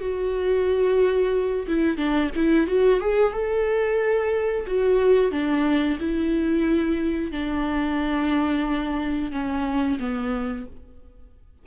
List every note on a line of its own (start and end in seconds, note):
0.00 1.67 F#4
1.68 1.97 E4
1.97 2.31 D4
2.36 2.67 E4
2.67 3.00 F#4
3.00 3.33 G#4
3.33 4.66 A4
4.67 5.31 F#4
5.31 5.98 D4
6.00 7.32 E4
7.32 9.32 D4
9.32 9.98 C#4
9.99 10.66 B3